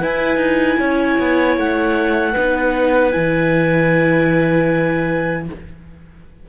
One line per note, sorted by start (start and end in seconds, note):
0.00 2.34 E4
0.00 0.37 E4
0.00 0.78 B4
0.00 1.59 G#5
0.37 0.76 D#4
0.80 1.19 C#4
0.80 2.33 C#5
1.20 1.58 B3
1.58 2.36 A3
1.58 3.12 F#5
2.33 3.16 B3
2.33 3.12 D#4
2.33 5.44 B4
3.12 5.50 E3
3.12 5.46 E4
3.12 5.46 G#5